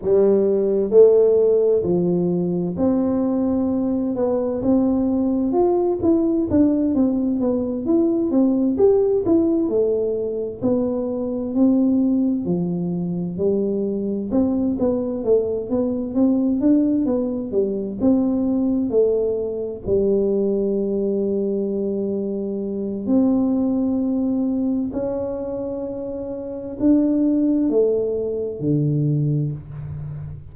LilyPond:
\new Staff \with { instrumentName = "tuba" } { \time 4/4 \tempo 4 = 65 g4 a4 f4 c'4~ | c'8 b8 c'4 f'8 e'8 d'8 c'8 | b8 e'8 c'8 g'8 e'8 a4 b8~ | b8 c'4 f4 g4 c'8 |
b8 a8 b8 c'8 d'8 b8 g8 c'8~ | c'8 a4 g2~ g8~ | g4 c'2 cis'4~ | cis'4 d'4 a4 d4 | }